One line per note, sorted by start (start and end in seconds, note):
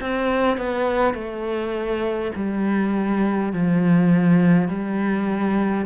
0.00 0.57 C4
0.57 1.14 B3
1.14 2.32 A3
2.35 3.52 G3
3.52 4.68 F3
4.68 5.86 G3